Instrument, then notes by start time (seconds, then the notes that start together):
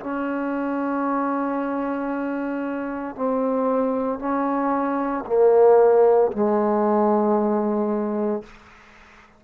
trombone
0.00 C#4
3.15 C4
4.19 C#4
5.26 A#3
6.32 G#3